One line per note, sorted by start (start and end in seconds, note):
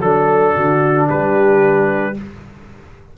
0.00 0.54 F#3
0.00 2.14 D4
0.00 1.08 A4
0.00 0.56 A4
0.56 1.10 D3
0.56 1.08 F#4
1.08 2.18 G3
1.08 2.15 G4
1.08 2.17 B4